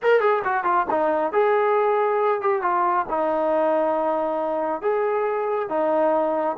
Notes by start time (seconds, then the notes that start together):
0.02 A#4
0.20 G#4
0.44 F#4
0.64 F4
0.90 D#4
1.32 G#4
2.41 G4
2.62 F4
3.09 D#4
4.81 G#4
5.69 D#4